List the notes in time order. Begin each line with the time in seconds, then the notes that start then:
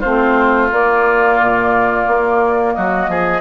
0.00 A3 C4 F4 C5
0.69 A#3 D5
1.40 A#2
2.07 A#3
2.73 F#3 F#4 D#5
3.08 F3 G#4